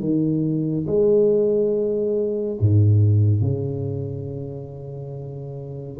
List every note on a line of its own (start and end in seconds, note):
0.00 0.86 D#3
0.87 2.58 G#3
2.60 3.41 G#2
3.41 5.98 C#3